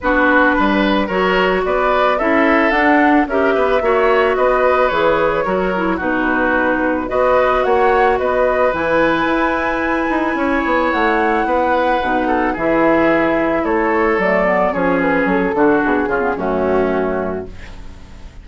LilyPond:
<<
  \new Staff \with { instrumentName = "flute" } { \time 4/4 \tempo 4 = 110 b'2 cis''4 d''4 | e''4 fis''4 e''2 | dis''4 cis''2 b'4~ | b'4 dis''4 fis''4 dis''4 |
gis''1 | fis''2. e''4~ | e''4 cis''4 d''4 cis''8 b'8 | a'4 gis'4 fis'2 | }
  \new Staff \with { instrumentName = "oboe" } { \time 4/4 fis'4 b'4 ais'4 b'4 | a'2 ais'8 b'8 cis''4 | b'2 ais'4 fis'4~ | fis'4 b'4 cis''4 b'4~ |
b'2. cis''4~ | cis''4 b'4. a'8 gis'4~ | gis'4 a'2 gis'4~ | gis'8 fis'4 f'8 cis'2 | }
  \new Staff \with { instrumentName = "clarinet" } { \time 4/4 d'2 fis'2 | e'4 d'4 g'4 fis'4~ | fis'4 gis'4 fis'8 e'8 dis'4~ | dis'4 fis'2. |
e'1~ | e'2 dis'4 e'4~ | e'2 a8 b8 cis'4~ | cis'8 d'4 cis'16 b16 a2 | }
  \new Staff \with { instrumentName = "bassoon" } { \time 4/4 b4 g4 fis4 b4 | cis'4 d'4 cis'8 b8 ais4 | b4 e4 fis4 b,4~ | b,4 b4 ais4 b4 |
e4 e'4. dis'8 cis'8 b8 | a4 b4 b,4 e4~ | e4 a4 fis4 f4 | fis8 d8 b,8 cis8 fis,2 | }
>>